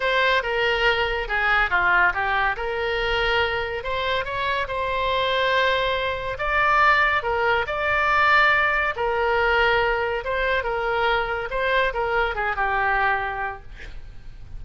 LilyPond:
\new Staff \with { instrumentName = "oboe" } { \time 4/4 \tempo 4 = 141 c''4 ais'2 gis'4 | f'4 g'4 ais'2~ | ais'4 c''4 cis''4 c''4~ | c''2. d''4~ |
d''4 ais'4 d''2~ | d''4 ais'2. | c''4 ais'2 c''4 | ais'4 gis'8 g'2~ g'8 | }